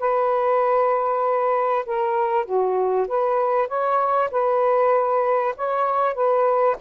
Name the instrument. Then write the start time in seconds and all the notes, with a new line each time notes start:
saxophone
0.00 B4
1.86 A#4
2.45 F#4
3.08 B4
3.68 C#5
4.31 B4
5.56 C#5
6.15 B4